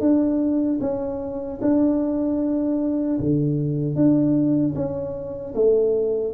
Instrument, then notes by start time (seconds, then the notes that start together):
tuba
0.00 D4
0.80 C#4
1.61 D4
3.19 D3
3.95 D4
4.75 C#4
5.54 A3